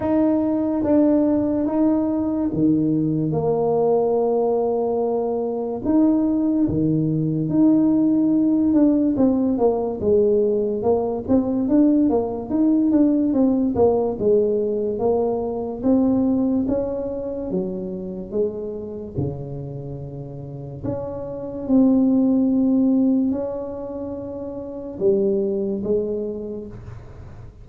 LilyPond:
\new Staff \with { instrumentName = "tuba" } { \time 4/4 \tempo 4 = 72 dis'4 d'4 dis'4 dis4 | ais2. dis'4 | dis4 dis'4. d'8 c'8 ais8 | gis4 ais8 c'8 d'8 ais8 dis'8 d'8 |
c'8 ais8 gis4 ais4 c'4 | cis'4 fis4 gis4 cis4~ | cis4 cis'4 c'2 | cis'2 g4 gis4 | }